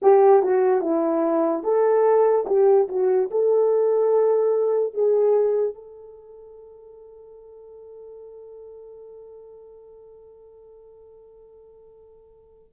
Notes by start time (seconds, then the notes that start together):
0.01 G4
0.43 F#4
0.81 E4
1.63 A4
2.47 G4
2.88 F#4
3.31 A4
4.93 G#4
5.74 A4